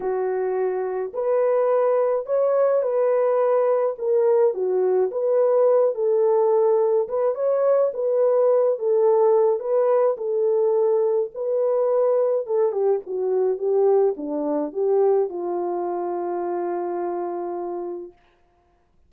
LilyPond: \new Staff \with { instrumentName = "horn" } { \time 4/4 \tempo 4 = 106 fis'2 b'2 | cis''4 b'2 ais'4 | fis'4 b'4. a'4.~ | a'8 b'8 cis''4 b'4. a'8~ |
a'4 b'4 a'2 | b'2 a'8 g'8 fis'4 | g'4 d'4 g'4 f'4~ | f'1 | }